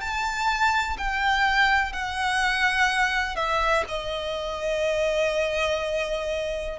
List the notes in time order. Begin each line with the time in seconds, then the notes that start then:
0.00 A5
0.98 G5
1.93 F#5
3.35 E5
3.88 D#5